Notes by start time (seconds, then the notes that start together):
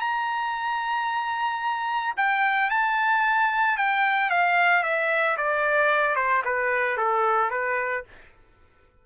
0.00 A#5
2.17 G5
2.70 A5
3.77 G5
4.30 F5
4.83 E5
5.37 D5
6.16 C5
6.45 B4
6.97 A4
7.51 B4